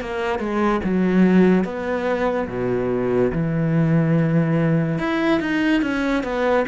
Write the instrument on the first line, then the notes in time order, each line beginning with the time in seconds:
cello
0.00 A#3
0.39 G#3
0.83 F#3
1.64 B3
2.48 B2
3.32 E3
4.98 E4
5.40 D#4
5.81 C#4
6.23 B3